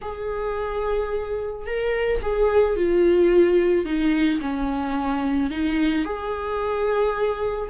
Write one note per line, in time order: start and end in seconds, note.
0.01 1.66 G#4
1.66 2.21 A#4
2.22 2.76 G#4
2.76 3.85 F4
3.85 4.40 D#4
4.40 5.50 C#4
5.50 6.05 D#4
6.05 7.70 G#4